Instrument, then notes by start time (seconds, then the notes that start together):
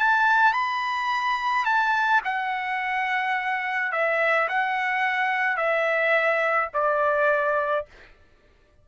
trumpet
0.00 A5
0.54 B5
1.65 A5
2.25 F#5
3.92 E5
4.49 F#5
5.57 E5
6.74 D5